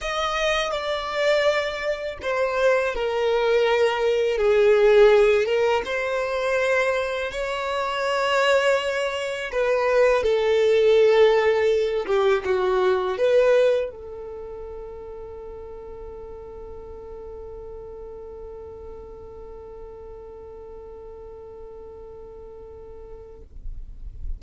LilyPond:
\new Staff \with { instrumentName = "violin" } { \time 4/4 \tempo 4 = 82 dis''4 d''2 c''4 | ais'2 gis'4. ais'8 | c''2 cis''2~ | cis''4 b'4 a'2~ |
a'8 g'8 fis'4 b'4 a'4~ | a'1~ | a'1~ | a'1 | }